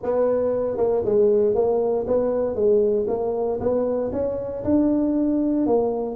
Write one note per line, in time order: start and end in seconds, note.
0.03 0.77 B3
0.77 1.02 A#3
1.05 1.54 G#3
1.54 2.06 A#3
2.07 2.55 B3
2.55 3.06 G#3
3.07 3.59 A#3
3.60 4.11 B3
4.12 4.63 C#4
4.63 5.66 D4
5.66 6.15 A#3